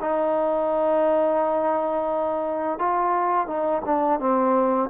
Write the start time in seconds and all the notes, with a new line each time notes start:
0.00 D#4
2.78 F4
3.47 D#4
3.85 D4
4.19 C4